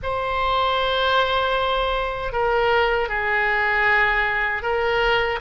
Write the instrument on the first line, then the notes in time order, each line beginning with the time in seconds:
oboe
0.02 C5
2.32 A#4
3.08 G#4
4.62 A#4